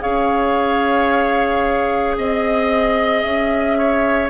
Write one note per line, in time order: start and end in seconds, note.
0.00 2.17 C#4
0.00 4.29 G#4
0.00 2.17 C#5
0.00 2.16 F5
2.17 3.24 C4
2.17 3.78 D#5
2.17 3.21 D#5
3.21 4.30 C#4
3.21 4.29 E5
3.78 4.30 C#5